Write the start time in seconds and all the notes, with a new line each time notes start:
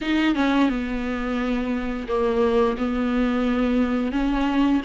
0.01 D#4
0.34 C#4
0.69 B3
2.08 A#3
2.77 B3
4.12 C#4